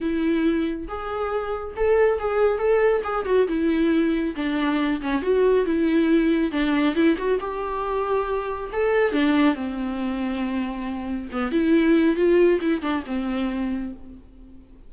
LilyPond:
\new Staff \with { instrumentName = "viola" } { \time 4/4 \tempo 4 = 138 e'2 gis'2 | a'4 gis'4 a'4 gis'8 fis'8 | e'2 d'4. cis'8 | fis'4 e'2 d'4 |
e'8 fis'8 g'2. | a'4 d'4 c'2~ | c'2 b8 e'4. | f'4 e'8 d'8 c'2 | }